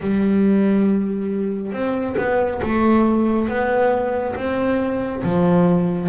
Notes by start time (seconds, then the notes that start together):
0.00 G3
1.72 C4
2.17 B3
2.62 A3
3.48 B3
4.35 C4
5.23 F3